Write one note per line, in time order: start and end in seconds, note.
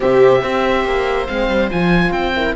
0.00 0.42 C3
0.00 0.42 C4
0.00 0.41 G4
0.00 1.26 E5
0.41 0.85 C4
0.41 1.27 G4
0.41 2.32 C5
0.85 1.27 A#3
1.26 1.48 G#3
1.26 1.70 C4
1.26 1.69 F5
1.48 1.70 G3
1.70 2.11 F3
1.70 2.34 F4
1.70 2.12 G#5
2.11 2.53 C4
2.11 2.54 G5
2.35 2.55 E4
2.35 2.55 A#4